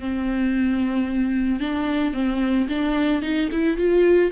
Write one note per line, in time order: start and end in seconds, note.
0.00 1.61 C4
1.61 2.14 D4
2.14 2.68 C4
2.69 3.23 D4
3.23 3.50 D#4
3.52 3.78 E4
3.78 4.32 F4